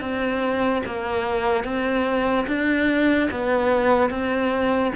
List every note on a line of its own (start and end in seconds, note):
0.00 0.82 C4
0.85 1.64 A#3
1.64 2.46 C4
2.47 3.29 D4
3.31 4.10 B3
4.10 4.92 C4